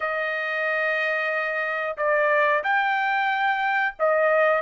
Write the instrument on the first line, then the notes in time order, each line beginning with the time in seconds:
trumpet
0.00 D#5
1.97 D5
2.63 G5
3.99 D#5